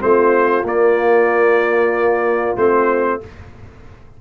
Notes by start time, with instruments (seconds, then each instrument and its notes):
0.00 tuba A3, trombone C4, horn F4, trumpet C5
0.64 tuba A#3, trombone A#3, trumpet D5
2.57 tuba A3, trombone C4, trumpet C5